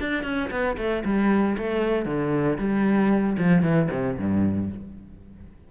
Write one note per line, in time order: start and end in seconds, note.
0.00 0.24 D4
0.24 0.50 C#4
0.51 0.77 B3
0.78 1.04 A3
1.05 1.57 G3
1.58 2.06 A3
2.06 2.58 D3
2.59 3.37 G3
3.39 3.63 F3
3.63 3.89 E3
3.91 4.17 C3
4.18 4.70 G2